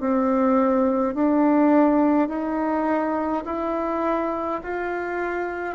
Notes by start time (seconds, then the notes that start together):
0.00 C4
1.15 D4
2.29 D#4
3.46 E4
4.63 F4